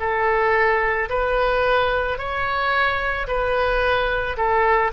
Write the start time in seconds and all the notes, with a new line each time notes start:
0.00 A4
1.10 B4
2.18 C#5
3.28 B4
4.37 A4